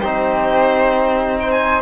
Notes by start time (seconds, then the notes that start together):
0.00 C4 D#4 G4 C5
1.40 C5 G5
1.51 G#5